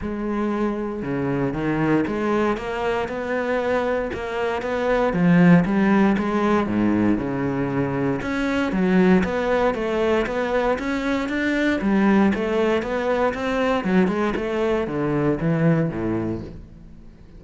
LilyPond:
\new Staff \with { instrumentName = "cello" } { \time 4/4 \tempo 4 = 117 gis2 cis4 dis4 | gis4 ais4 b2 | ais4 b4 f4 g4 | gis4 gis,4 cis2 |
cis'4 fis4 b4 a4 | b4 cis'4 d'4 g4 | a4 b4 c'4 fis8 gis8 | a4 d4 e4 a,4 | }